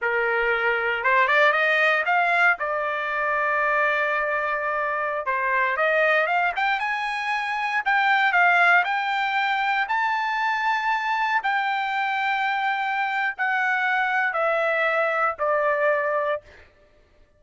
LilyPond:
\new Staff \with { instrumentName = "trumpet" } { \time 4/4 \tempo 4 = 117 ais'2 c''8 d''8 dis''4 | f''4 d''2.~ | d''2~ d''16 c''4 dis''8.~ | dis''16 f''8 g''8 gis''2 g''8.~ |
g''16 f''4 g''2 a''8.~ | a''2~ a''16 g''4.~ g''16~ | g''2 fis''2 | e''2 d''2 | }